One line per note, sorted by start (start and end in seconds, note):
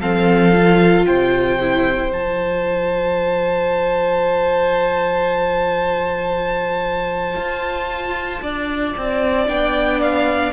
0.00 1.05 F3
0.00 0.53 C4
0.00 1.05 A4
0.00 1.05 F5
0.53 1.58 F4
1.05 2.11 C3
1.05 8.42 C5
1.05 2.11 G5
1.60 2.11 E4
2.11 7.36 F3
2.11 9.46 F4
2.11 9.48 A5
7.36 8.41 F4
8.41 8.94 D4
8.41 10.52 D5
8.97 9.48 C4
9.46 10.53 B3
9.46 10.52 D4
9.46 10.00 G5
10.02 10.53 F5